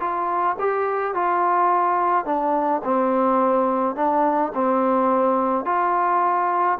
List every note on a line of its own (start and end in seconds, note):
0.00 0.57 F4
0.59 1.14 G4
1.14 2.25 F4
2.25 2.82 D4
2.84 3.96 C4
3.96 4.52 D4
4.54 5.65 C4
5.65 6.78 F4